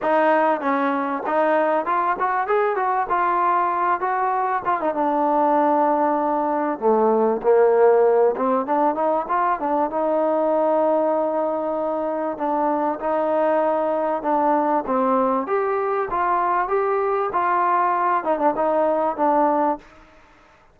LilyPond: \new Staff \with { instrumentName = "trombone" } { \time 4/4 \tempo 4 = 97 dis'4 cis'4 dis'4 f'8 fis'8 | gis'8 fis'8 f'4. fis'4 f'16 dis'16 | d'2. a4 | ais4. c'8 d'8 dis'8 f'8 d'8 |
dis'1 | d'4 dis'2 d'4 | c'4 g'4 f'4 g'4 | f'4. dis'16 d'16 dis'4 d'4 | }